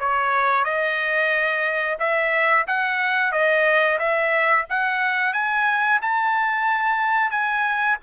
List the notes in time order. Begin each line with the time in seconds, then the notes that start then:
0.00 C#5
0.65 D#5
1.99 E5
2.68 F#5
3.32 D#5
3.99 E5
4.70 F#5
5.34 G#5
6.02 A5
7.31 G#5